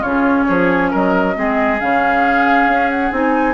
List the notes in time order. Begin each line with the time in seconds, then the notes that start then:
0.00 C#3 C#4 F4 C#5
0.47 F3 G#4
0.91 F#3 A#4 D#5
1.35 G#3 C4 G#4
1.80 C#3 C#4 F5
2.67 C#4
2.90 F#5
3.11 C4 D#4 G#5